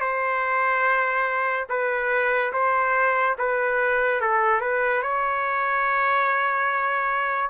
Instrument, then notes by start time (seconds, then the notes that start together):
trumpet
0.00 C5
1.69 B4
2.53 C5
3.38 B4
4.20 A4
4.61 B4
5.02 C#5